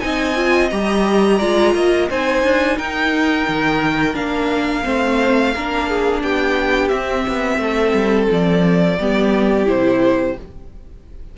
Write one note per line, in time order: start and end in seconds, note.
0.00 0.71 C4
0.00 0.34 D#4
0.00 1.39 D#5
0.00 0.69 G#5
0.36 0.71 F4
0.70 1.40 G3
0.70 1.40 G4
0.70 2.08 A#5
1.39 1.74 G#3
1.39 2.10 F4
1.39 1.73 D5
1.74 2.09 A#3
1.74 2.10 D#5
2.10 2.43 C4
2.10 4.14 D#4
2.10 2.77 C5
2.10 2.78 G#5
2.43 2.78 D4
2.77 3.48 D#4
2.77 4.84 A#4
2.77 4.15 G5
3.48 4.15 D#3
4.14 4.84 A#3
4.14 4.83 D4
4.14 6.22 F5
4.84 5.55 A3
4.84 5.53 C4
4.84 5.53 C5
5.55 6.23 A#3
5.55 6.90 D4
5.55 5.89 A#4
5.89 6.23 G#4
6.23 6.91 B3
6.23 7.61 G4
6.23 6.89 G5
6.89 8.97 C4
6.89 7.25 C4
6.89 8.26 E5
7.28 7.58 B3
7.58 7.92 A3
7.58 8.99 A4
7.94 8.28 G3
8.31 8.98 F3
8.31 9.69 D5
8.98 9.67 G3
8.98 9.66 B3
8.98 10.37 G4
9.66 10.36 C3
9.66 10.35 E4
9.66 10.37 C5